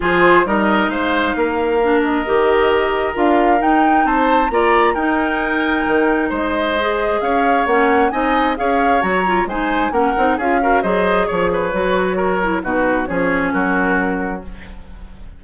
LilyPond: <<
  \new Staff \with { instrumentName = "flute" } { \time 4/4 \tempo 4 = 133 c''4 dis''4 f''2~ | f''8 dis''2~ dis''8 f''4 | g''4 a''4 ais''4 g''4~ | g''2 dis''2 |
f''4 fis''4 gis''4 f''4 | ais''4 gis''4 fis''4 f''4 | dis''4 cis''2. | b'4 cis''4 ais'2 | }
  \new Staff \with { instrumentName = "oboe" } { \time 4/4 gis'4 ais'4 c''4 ais'4~ | ais'1~ | ais'4 c''4 d''4 ais'4~ | ais'2 c''2 |
cis''2 dis''4 cis''4~ | cis''4 c''4 ais'4 gis'8 ais'8 | c''4 cis''8 b'4. ais'4 | fis'4 gis'4 fis'2 | }
  \new Staff \with { instrumentName = "clarinet" } { \time 4/4 f'4 dis'2. | d'4 g'2 f'4 | dis'2 f'4 dis'4~ | dis'2. gis'4~ |
gis'4 cis'4 dis'4 gis'4 | fis'8 f'8 dis'4 cis'8 dis'8 f'8 fis'8 | gis'2 fis'4. e'8 | dis'4 cis'2. | }
  \new Staff \with { instrumentName = "bassoon" } { \time 4/4 f4 g4 gis4 ais4~ | ais4 dis2 d'4 | dis'4 c'4 ais4 dis'4~ | dis'4 dis4 gis2 |
cis'4 ais4 c'4 cis'4 | fis4 gis4 ais8 c'8 cis'4 | fis4 f4 fis2 | b,4 f4 fis2 | }
>>